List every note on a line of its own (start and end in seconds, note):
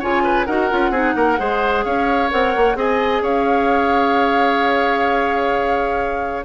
0.00 0.48 C#3
0.00 0.48 F4
0.00 0.23 C#5
0.00 0.46 G#5
0.24 0.47 B4
0.46 0.71 D#4
0.46 0.71 F#4
0.46 0.91 A#4
0.46 1.84 F#5
0.71 0.91 C#4
0.71 0.94 F4
0.91 1.14 C4
0.91 1.38 D#4
0.91 1.15 G#4
1.16 1.39 A#3
1.16 1.40 A#4
1.38 1.85 G#3
1.38 2.30 G#4
1.38 1.85 C5
1.84 2.32 C#4
1.84 2.77 C#5
1.84 2.30 F5
2.31 2.56 C4
2.31 2.76 A#4
2.31 2.77 F#5
2.56 2.76 A#3
2.76 3.22 C4
2.76 6.45 G#4
2.76 3.23 D#5
2.76 3.25 G#5
3.22 6.45 C#4
3.22 6.45 C#5
3.22 6.45 F5